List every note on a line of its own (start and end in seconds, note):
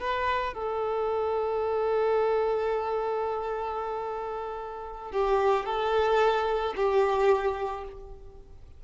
0.00 0.54 B4
0.54 5.12 A4
5.12 5.66 G4
5.66 6.74 A4
6.77 7.85 G4